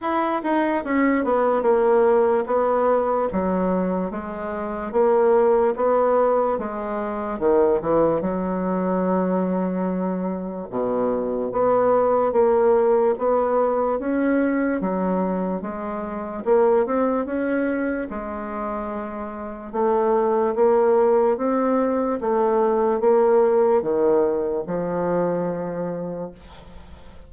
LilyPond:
\new Staff \with { instrumentName = "bassoon" } { \time 4/4 \tempo 4 = 73 e'8 dis'8 cis'8 b8 ais4 b4 | fis4 gis4 ais4 b4 | gis4 dis8 e8 fis2~ | fis4 b,4 b4 ais4 |
b4 cis'4 fis4 gis4 | ais8 c'8 cis'4 gis2 | a4 ais4 c'4 a4 | ais4 dis4 f2 | }